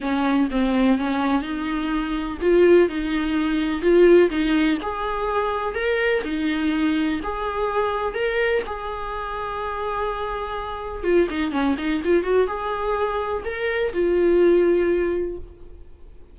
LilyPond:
\new Staff \with { instrumentName = "viola" } { \time 4/4 \tempo 4 = 125 cis'4 c'4 cis'4 dis'4~ | dis'4 f'4 dis'2 | f'4 dis'4 gis'2 | ais'4 dis'2 gis'4~ |
gis'4 ais'4 gis'2~ | gis'2. f'8 dis'8 | cis'8 dis'8 f'8 fis'8 gis'2 | ais'4 f'2. | }